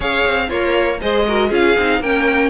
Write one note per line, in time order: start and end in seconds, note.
0.00 0.25 C#4
0.00 0.50 G#4
0.00 0.47 C#5
0.00 0.49 F5
0.25 0.50 C4
0.48 1.01 A#3
0.48 0.98 F4
0.48 1.00 A#4
0.48 1.00 C#5
1.00 1.51 G#3
1.00 1.26 G#4
1.00 1.26 C5
1.00 1.52 D#5
1.27 1.50 F#4
1.27 1.49 A#4
1.49 1.76 C#4
1.49 1.75 F4
1.49 1.99 G#4
1.49 2.02 F5
1.77 2.00 C4
1.77 2.02 D#4
2.00 2.49 A#3
2.00 2.49 C#4
2.00 2.49 A#4
2.00 2.49 G5